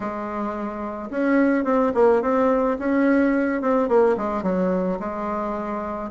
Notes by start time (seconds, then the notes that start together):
0.00 G#3
1.10 C#4
1.64 C4
1.94 A#3
2.22 C4
2.78 C#4
3.61 C4
3.88 A#3
4.17 G#3
4.43 F#3
4.99 G#3